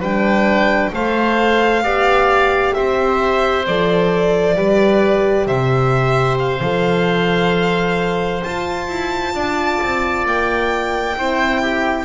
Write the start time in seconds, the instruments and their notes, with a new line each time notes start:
0.00 double bass G3, horn D4, oboe B4, violin G5
0.93 double bass A3, horn A4, oboe C5, violin F5
1.82 double bass B3, horn G4, oboe D5
2.74 double bass C4, oboe C5, violin E5
3.67 double bass F3, horn A4, violin D5
4.56 double bass G3, horn G4, oboe B4
5.47 double bass C3, oboe C5, violin E5
6.39 violin F5
6.61 double bass F3, horn A4
8.43 horn F4, double bass F4, violin A5
8.88 double bass E4
9.34 double bass D4, oboe D5
9.83 double bass C4
10.26 double bass A#3, violin G5
11.17 double bass C4, horn E4, oboe C5
11.62 oboe G4